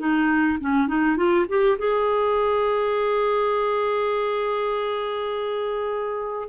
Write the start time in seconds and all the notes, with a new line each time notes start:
0.00 D#4
0.61 C#4
0.88 D#4
1.17 F4
1.49 G4
1.79 G#4